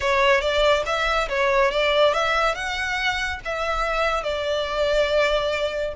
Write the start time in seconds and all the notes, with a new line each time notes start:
0.00 C#5
0.40 D5
0.85 E5
1.29 C#5
1.71 D5
2.13 E5
2.54 F#5
3.44 E5
4.23 D5